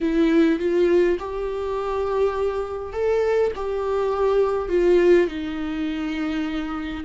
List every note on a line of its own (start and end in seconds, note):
0.00 0.59 E4
0.59 1.18 F4
1.19 2.93 G4
2.93 3.51 A4
3.55 4.68 G4
4.68 5.27 F4
5.27 7.04 D#4